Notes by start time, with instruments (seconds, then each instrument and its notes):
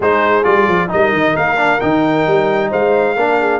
0.00 tuba G#3, trombone D#4, horn G#4, trumpet C5
0.43 tuba G3, trombone F4, trumpet D5
0.67 tuba F3
0.88 tuba G3, trombone D#4, horn A#4, trumpet D#5
1.12 tuba D#3
1.36 tuba A#3, trumpet F5
1.56 trombone D4
1.80 tuba D#3, trombone D#4, trumpet G5
2.26 tuba G3
2.69 tuba G#3, horn C5, trumpet F5
3.16 tuba A#3, trombone D4, horn A#4
3.40 horn G#4